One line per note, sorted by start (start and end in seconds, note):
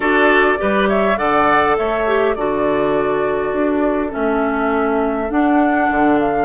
0.00 0.56 D4
0.00 0.57 F#4
0.00 0.58 A4
0.00 0.87 D5
0.57 1.18 G3
0.57 1.16 G4
0.57 0.88 B4
0.88 1.18 C#5
0.88 1.17 E5
1.16 1.77 D3
1.16 2.05 A4
1.16 1.77 D5
1.16 1.76 F#5
1.77 2.36 A3
1.77 2.36 C#5
1.77 2.34 E5
2.06 2.36 G4
2.34 3.52 D3
2.34 4.10 F#4
2.34 6.45 A4
2.34 4.11 D5
3.52 4.11 D4
4.10 5.30 A3
4.10 5.27 C#4
4.10 5.30 E5
5.30 6.45 D4
5.30 5.89 D4
5.30 6.18 F#5
5.90 6.45 D3
6.19 6.45 F5